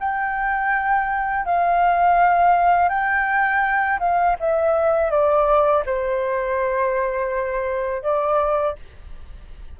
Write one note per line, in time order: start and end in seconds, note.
0.00 1.46 G5
1.46 2.89 F5
2.89 3.99 G5
4.00 4.36 F5
4.40 5.11 E5
5.11 5.84 D5
5.86 8.03 C5
8.03 8.76 D5